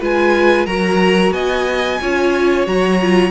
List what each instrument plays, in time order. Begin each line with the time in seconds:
0.00 cello G#3, viola F4, violin B4 G#5
0.66 cello F#3, viola F#4, violin A#4 A#5
1.32 cello B3, violin D#5 G#5
2.01 cello C#4, viola F4, violin C#5
2.67 cello F#3, viola F#4, violin A#5
3.01 viola F4